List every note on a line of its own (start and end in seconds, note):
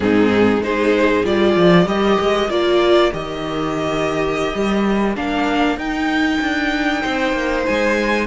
0.00 0.60 G#2
0.00 0.61 C4
0.00 0.64 D#4
0.00 0.62 G#4
0.60 1.23 G#3
0.60 1.23 D#4
0.60 1.88 G#4
0.60 1.25 C5
1.23 1.55 G3
1.23 1.85 F4
1.23 1.87 D5
1.56 1.86 F3
1.85 2.18 G3
1.85 2.48 G4
1.85 7.01 A#4
1.85 2.50 D#5
2.19 2.49 G#3
2.49 3.12 A#3
2.49 3.11 F4
2.49 3.12 D5
3.11 4.53 D#3
3.11 5.14 G4
3.11 5.16 D#5
4.54 5.17 G3
5.15 5.76 A#3
5.15 5.78 D4
5.15 5.78 F5
5.76 6.39 D#4
5.76 8.26 D#4
5.76 7.65 G5
6.40 7.03 D4
7.01 7.33 C4
7.01 8.26 C5
7.33 7.64 A#3
7.65 8.26 G#3
7.65 8.26 G#5